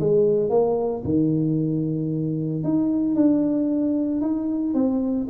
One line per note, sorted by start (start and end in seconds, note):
0.00 0.50 G#3
0.50 1.03 A#3
1.04 2.64 D#3
2.64 3.15 D#4
3.15 4.21 D4
4.21 4.74 D#4
4.74 5.27 C4